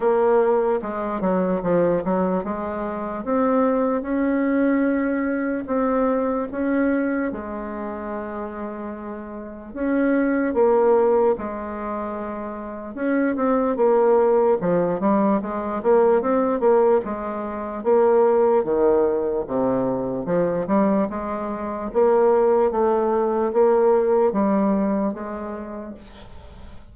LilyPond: \new Staff \with { instrumentName = "bassoon" } { \time 4/4 \tempo 4 = 74 ais4 gis8 fis8 f8 fis8 gis4 | c'4 cis'2 c'4 | cis'4 gis2. | cis'4 ais4 gis2 |
cis'8 c'8 ais4 f8 g8 gis8 ais8 | c'8 ais8 gis4 ais4 dis4 | c4 f8 g8 gis4 ais4 | a4 ais4 g4 gis4 | }